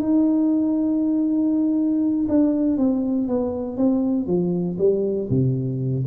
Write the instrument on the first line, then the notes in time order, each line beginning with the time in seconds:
tuba
0.00 D#4
2.29 D4
2.78 C4
3.28 B3
3.77 C4
4.27 F3
4.78 G3
5.30 C3